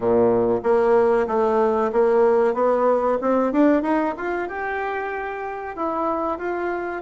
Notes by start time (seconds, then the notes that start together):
0.00 A#2
0.63 A#3
1.27 A3
1.92 A#3
2.54 B3
3.21 C4
3.52 D4
3.82 D#4
4.17 F4
4.48 G4
5.76 E4
6.38 F4